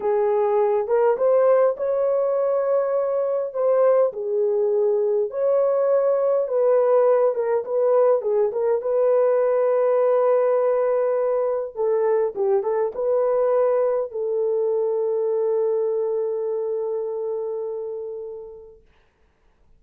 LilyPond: \new Staff \with { instrumentName = "horn" } { \time 4/4 \tempo 4 = 102 gis'4. ais'8 c''4 cis''4~ | cis''2 c''4 gis'4~ | gis'4 cis''2 b'4~ | b'8 ais'8 b'4 gis'8 ais'8 b'4~ |
b'1 | a'4 g'8 a'8 b'2 | a'1~ | a'1 | }